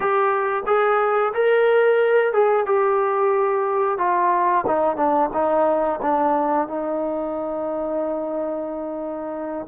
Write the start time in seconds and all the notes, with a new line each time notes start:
0.00 G4
0.66 G#4
1.33 A#4
2.33 G#4
2.65 G4
3.98 F4
4.66 D#4
4.96 D4
5.33 D#4
6.02 D4
6.67 D#4